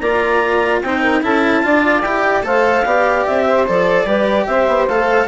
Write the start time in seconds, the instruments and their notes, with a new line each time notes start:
0.00 bassoon A#3, cello F4, saxophone D5, clarinet A#5
0.82 bassoon C4, cello D#4, saxophone C5, clarinet G5
1.03 saxophone A#4
1.22 bassoon C#4, cello E4, saxophone A4, clarinet A5
1.63 bassoon D4, cello F4, saxophone D5
2.02 bassoon E4, cello G4, clarinet G5
2.43 bassoon A3, cello A4, saxophone C5, clarinet F5
2.85 bassoon B3, cello G4, saxophone D5
3.27 bassoon C4, clarinet E5
3.48 saxophone C5
3.67 bassoon F3, cello A4, clarinet D5
4.06 bassoon G3, cello G4, saxophone B4
4.47 bassoon C4, saxophone C5, clarinet E5
4.68 bassoon B3
4.88 bassoon A3, cello A4, clarinet F5